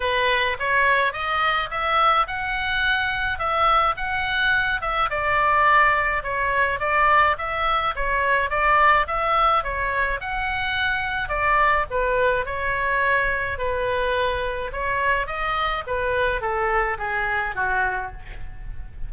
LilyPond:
\new Staff \with { instrumentName = "oboe" } { \time 4/4 \tempo 4 = 106 b'4 cis''4 dis''4 e''4 | fis''2 e''4 fis''4~ | fis''8 e''8 d''2 cis''4 | d''4 e''4 cis''4 d''4 |
e''4 cis''4 fis''2 | d''4 b'4 cis''2 | b'2 cis''4 dis''4 | b'4 a'4 gis'4 fis'4 | }